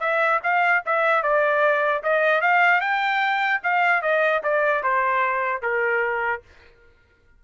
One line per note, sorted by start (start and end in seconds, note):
0.00 0.40 E5
0.43 0.83 F5
0.85 1.23 E5
1.23 2.03 D5
2.03 2.41 D#5
2.41 2.81 F5
2.81 3.61 G5
3.63 4.02 F5
4.02 4.42 D#5
4.43 4.83 D5
4.83 5.62 C5
5.62 6.42 A#4